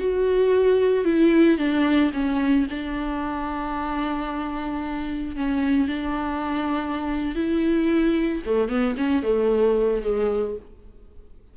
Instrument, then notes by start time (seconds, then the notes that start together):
viola
0.00 F#4
1.05 E4
1.58 D4
2.13 C#4
2.70 D4
5.36 C#4
5.88 D4
7.35 E4
8.46 A3
8.69 B3
8.98 C#4
9.23 A3
10.03 G#3